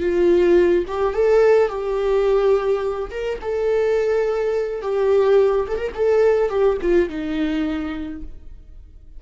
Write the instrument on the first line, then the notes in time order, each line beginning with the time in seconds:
viola
0.00 F4
0.88 G4
1.14 A4
1.69 G4
3.11 A#4
3.42 A4
4.82 G4
5.68 A4
5.78 A#4
5.95 A4
6.50 G4
6.82 F4
7.09 D#4